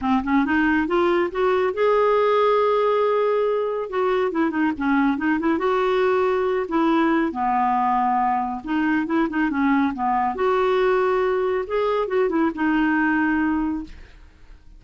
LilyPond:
\new Staff \with { instrumentName = "clarinet" } { \time 4/4 \tempo 4 = 139 c'8 cis'8 dis'4 f'4 fis'4 | gis'1~ | gis'4 fis'4 e'8 dis'8 cis'4 | dis'8 e'8 fis'2~ fis'8 e'8~ |
e'4 b2. | dis'4 e'8 dis'8 cis'4 b4 | fis'2. gis'4 | fis'8 e'8 dis'2. | }